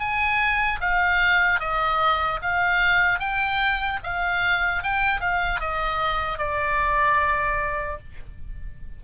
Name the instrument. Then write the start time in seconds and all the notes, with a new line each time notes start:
oboe
0.00 G#5
0.81 F5
1.60 D#5
2.42 F5
3.19 G5
4.03 F5
4.83 G5
5.20 F5
5.60 D#5
6.38 D5